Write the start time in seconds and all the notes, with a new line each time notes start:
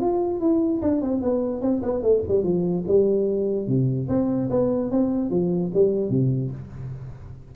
0.00 F4
0.40 E4
0.82 D4
1.01 C4
1.22 B3
1.61 C4
1.82 B3
2.02 A3
2.28 G3
2.43 F3
2.87 G3
3.67 C3
4.08 C4
4.50 B3
4.91 C4
5.30 F3
5.74 G3
6.10 C3